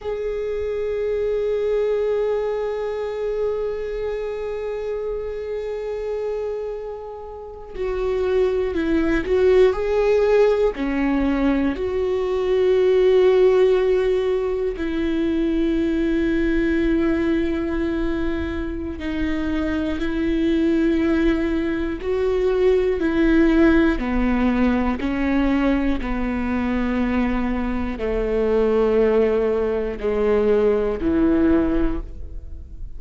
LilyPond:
\new Staff \with { instrumentName = "viola" } { \time 4/4 \tempo 4 = 60 gis'1~ | gis'2.~ gis'8. fis'16~ | fis'8. e'8 fis'8 gis'4 cis'4 fis'16~ | fis'2~ fis'8. e'4~ e'16~ |
e'2. dis'4 | e'2 fis'4 e'4 | b4 cis'4 b2 | a2 gis4 e4 | }